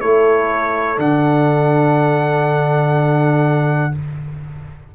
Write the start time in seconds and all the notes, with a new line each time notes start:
0.00 A3 E4 A4 C#5
0.97 D3 D4 F#5